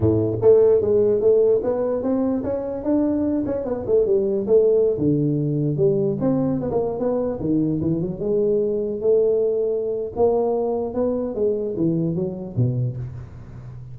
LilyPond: \new Staff \with { instrumentName = "tuba" } { \time 4/4 \tempo 4 = 148 a,4 a4 gis4 a4 | b4 c'4 cis'4 d'4~ | d'8 cis'8 b8 a8 g4 a4~ | a16 d2 g4 c'8.~ |
c'16 b16 ais8. b4 dis4 e8 fis16~ | fis16 gis2 a4.~ a16~ | a4 ais2 b4 | gis4 e4 fis4 b,4 | }